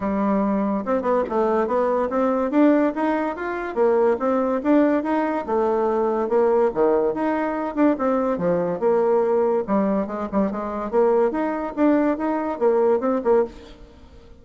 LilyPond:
\new Staff \with { instrumentName = "bassoon" } { \time 4/4 \tempo 4 = 143 g2 c'8 b8 a4 | b4 c'4 d'4 dis'4 | f'4 ais4 c'4 d'4 | dis'4 a2 ais4 |
dis4 dis'4. d'8 c'4 | f4 ais2 g4 | gis8 g8 gis4 ais4 dis'4 | d'4 dis'4 ais4 c'8 ais8 | }